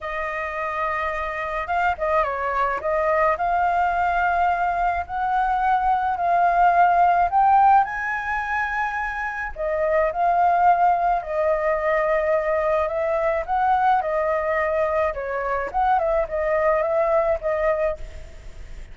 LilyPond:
\new Staff \with { instrumentName = "flute" } { \time 4/4 \tempo 4 = 107 dis''2. f''8 dis''8 | cis''4 dis''4 f''2~ | f''4 fis''2 f''4~ | f''4 g''4 gis''2~ |
gis''4 dis''4 f''2 | dis''2. e''4 | fis''4 dis''2 cis''4 | fis''8 e''8 dis''4 e''4 dis''4 | }